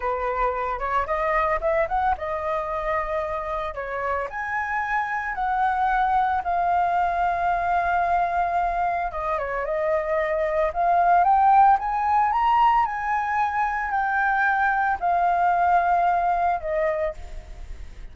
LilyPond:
\new Staff \with { instrumentName = "flute" } { \time 4/4 \tempo 4 = 112 b'4. cis''8 dis''4 e''8 fis''8 | dis''2. cis''4 | gis''2 fis''2 | f''1~ |
f''4 dis''8 cis''8 dis''2 | f''4 g''4 gis''4 ais''4 | gis''2 g''2 | f''2. dis''4 | }